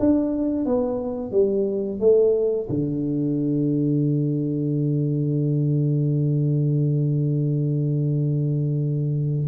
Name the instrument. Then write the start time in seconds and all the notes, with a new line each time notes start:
tuba
0.00 D4
0.66 B3
1.32 G3
2.00 A3
2.70 D3